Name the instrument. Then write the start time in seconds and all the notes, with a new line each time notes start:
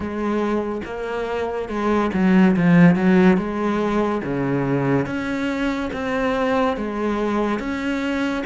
cello
0.00 G#3
0.85 A#3
1.68 G#3
2.14 F#3
2.56 F3
2.95 F#3
3.37 G#3
4.23 C#3
5.06 C#4
5.92 C4
6.76 G#3
7.59 C#4